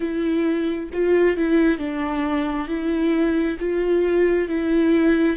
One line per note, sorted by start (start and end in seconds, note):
0.00 0.90 E4
0.92 1.37 F4
1.37 1.78 E4
1.78 2.67 D4
2.67 3.57 E4
3.59 4.48 F4
4.48 5.36 E4